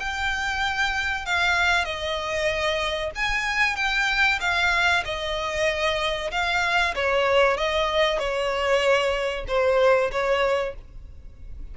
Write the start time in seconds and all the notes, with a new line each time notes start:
0.00 G5
1.26 F5
1.85 D#5
3.16 G#5
3.76 G5
4.41 F5
5.05 D#5
6.32 F5
6.95 C#5
7.57 D#5
8.19 C#5
9.48 C5
10.12 C#5